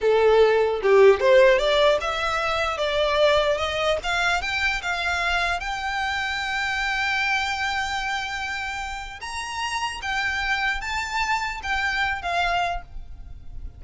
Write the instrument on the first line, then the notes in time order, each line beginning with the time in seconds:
violin
0.01 A4
0.82 G4
1.19 C5
1.58 D5
2.00 E5
2.77 D5
3.57 D#5
4.03 F5
4.41 G5
4.82 F5
5.60 G5
9.21 A#5
10.01 G5
10.80 A5
11.62 G5
12.22 F5